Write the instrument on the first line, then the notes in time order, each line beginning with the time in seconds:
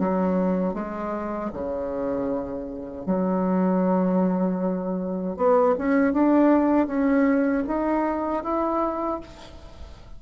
bassoon
0.00 F#3
0.74 G#3
1.53 C#3
3.06 F#3
5.37 B3
5.79 C#4
6.14 D4
6.87 C#4
7.67 D#4
8.44 E4